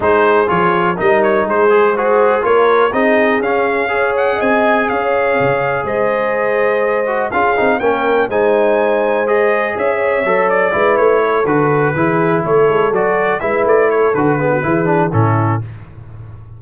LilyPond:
<<
  \new Staff \with { instrumentName = "trumpet" } { \time 4/4 \tempo 4 = 123 c''4 cis''4 dis''8 cis''8 c''4 | gis'4 cis''4 dis''4 f''4~ | f''8 fis''8 gis''4 f''2 | dis''2. f''4 |
g''4 gis''2 dis''4 | e''4. d''4 cis''4 b'8~ | b'4. cis''4 d''4 e''8 | d''8 cis''8 b'2 a'4 | }
  \new Staff \with { instrumentName = "horn" } { \time 4/4 gis'2 ais'4 gis'4 | c''4 ais'4 gis'2 | cis''4 dis''4 cis''2 | c''2. gis'4 |
ais'4 c''2. | cis''2 b'4 a'4~ | a'8 gis'4 a'2 b'8~ | b'8 a'4 gis'16 fis'16 gis'4 e'4 | }
  \new Staff \with { instrumentName = "trombone" } { \time 4/4 dis'4 f'4 dis'4. gis'8 | fis'4 f'4 dis'4 cis'4 | gis'1~ | gis'2~ gis'8 fis'8 f'8 dis'8 |
cis'4 dis'2 gis'4~ | gis'4 a'4 e'4. fis'8~ | fis'8 e'2 fis'4 e'8~ | e'4 fis'8 b8 e'8 d'8 cis'4 | }
  \new Staff \with { instrumentName = "tuba" } { \time 4/4 gis4 f4 g4 gis4~ | gis4 ais4 c'4 cis'4~ | cis'4 c'4 cis'4 cis4 | gis2. cis'8 c'8 |
ais4 gis2. | cis'4 fis4 gis8 a4 d8~ | d8 e4 a8 gis8 fis4 gis8 | a4 d4 e4 a,4 | }
>>